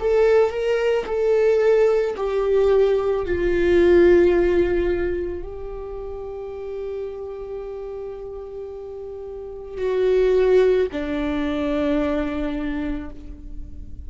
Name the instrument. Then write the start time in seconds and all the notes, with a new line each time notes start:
viola
0.00 A4
0.50 A#4
1.06 A4
2.16 G4
3.25 F4
5.43 G4
9.77 F#4
10.92 D4